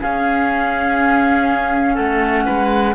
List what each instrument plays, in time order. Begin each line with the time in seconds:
0.00 clarinet C#4, cello C#4, oboe G#4, flute F5
1.95 cello A3, oboe A4, flute F#5
2.46 cello G#3, oboe B4